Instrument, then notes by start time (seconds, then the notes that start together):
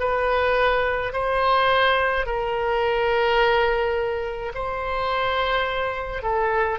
oboe
0.00 B4
1.13 C5
2.26 A#4
4.54 C5
6.23 A4